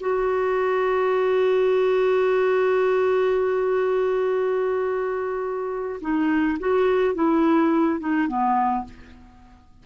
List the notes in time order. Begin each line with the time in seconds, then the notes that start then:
0.00 F#4
6.01 D#4
6.59 F#4
7.14 E4
8.00 D#4
8.27 B3